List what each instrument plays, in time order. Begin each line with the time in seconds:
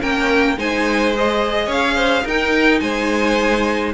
0.00 cello A#3, viola C#4, violin A#4 G5
0.57 cello G#3, viola D#4, violin C5 G#5
1.15 viola G#4, violin D#5
1.66 cello C#4, violin C#5 F5
1.95 violin C5
2.24 cello D#4, viola D#4, violin A#4 G5
2.80 cello G#3, violin C5 G#5